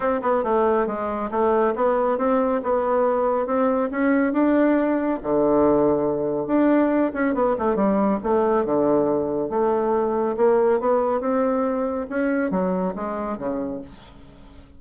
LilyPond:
\new Staff \with { instrumentName = "bassoon" } { \time 4/4 \tempo 4 = 139 c'8 b8 a4 gis4 a4 | b4 c'4 b2 | c'4 cis'4 d'2 | d2. d'4~ |
d'8 cis'8 b8 a8 g4 a4 | d2 a2 | ais4 b4 c'2 | cis'4 fis4 gis4 cis4 | }